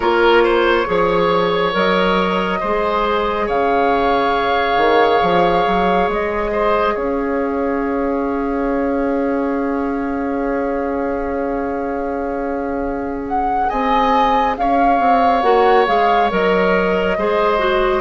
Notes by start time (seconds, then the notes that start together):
0.00 A#3 F4 A#4 C#5
0.43 C5
0.86 F3 G#4 C#5
1.72 F#3 A#4 D#5
2.59 G#3 G#4 C5
3.46 C#3 C#5 F5
4.77 D#3
5.22 F3
5.66 F#3
6.08 G#3 D#5
6.51 C5
6.93 C#4 C#5 F5
13.28 F#5
13.68 C4 D#5 G#5
14.56 C#4 C#5 F5
14.99 C4
15.42 A#3 F#4 F#5
15.87 G#3 G#4 F5
16.30 F#3 A#4 D#5
17.17 G#3 G#4 C5
17.58 F#4